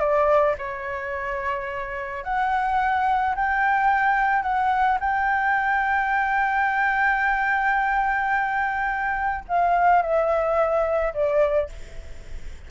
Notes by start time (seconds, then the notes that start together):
0.00 D5
0.59 C#5
2.24 F#5
3.36 G5
4.43 F#5
5.01 G5
9.49 F5
10.03 E5
11.14 D5